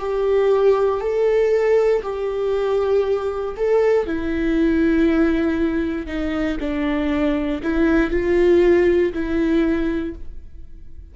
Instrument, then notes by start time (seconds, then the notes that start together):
viola
0.00 G4
1.01 A4
2.03 G4
3.57 A4
4.06 E4
6.07 D#4
6.60 D4
7.63 E4
8.11 F4
9.13 E4